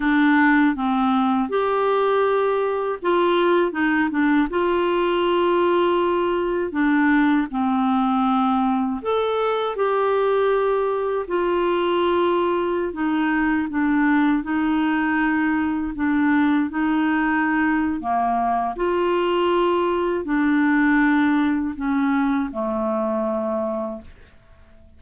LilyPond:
\new Staff \with { instrumentName = "clarinet" } { \time 4/4 \tempo 4 = 80 d'4 c'4 g'2 | f'4 dis'8 d'8 f'2~ | f'4 d'4 c'2 | a'4 g'2 f'4~ |
f'4~ f'16 dis'4 d'4 dis'8.~ | dis'4~ dis'16 d'4 dis'4.~ dis'16 | ais4 f'2 d'4~ | d'4 cis'4 a2 | }